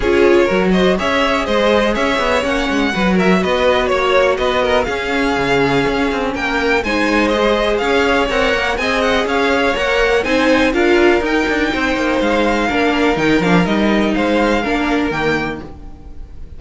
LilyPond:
<<
  \new Staff \with { instrumentName = "violin" } { \time 4/4 \tempo 4 = 123 cis''4. dis''8 e''4 dis''4 | e''4 fis''4. e''8 dis''4 | cis''4 dis''4 f''2~ | f''4 g''4 gis''4 dis''4 |
f''4 fis''4 gis''8 fis''8 f''4 | fis''4 gis''4 f''4 g''4~ | g''4 f''2 g''8 f''8 | dis''4 f''2 g''4 | }
  \new Staff \with { instrumentName = "violin" } { \time 4/4 gis'4 ais'8 c''8 cis''4 c''4 | cis''2 b'8 ais'8 b'4 | cis''4 b'8 ais'8 gis'2~ | gis'4 ais'4 c''2 |
cis''2 dis''4 cis''4~ | cis''4 c''4 ais'2 | c''2 ais'2~ | ais'4 c''4 ais'2 | }
  \new Staff \with { instrumentName = "viola" } { \time 4/4 f'4 fis'4 gis'2~ | gis'4 cis'4 fis'2~ | fis'2 cis'2~ | cis'2 dis'4 gis'4~ |
gis'4 ais'4 gis'2 | ais'4 dis'4 f'4 dis'4~ | dis'2 d'4 dis'8 d'8 | dis'2 d'4 ais4 | }
  \new Staff \with { instrumentName = "cello" } { \time 4/4 cis'4 fis4 cis'4 gis4 | cis'8 b8 ais8 gis8 fis4 b4 | ais4 b4 cis'4 cis4 | cis'8 c'8 ais4 gis2 |
cis'4 c'8 ais8 c'4 cis'4 | ais4 c'4 d'4 dis'8 d'8 | c'8 ais8 gis4 ais4 dis8 f8 | g4 gis4 ais4 dis4 | }
>>